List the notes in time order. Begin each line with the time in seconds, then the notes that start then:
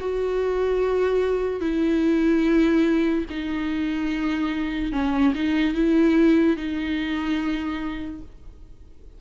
0.00 F#4
1.61 E4
3.30 D#4
4.92 C#4
5.35 D#4
5.75 E4
6.57 D#4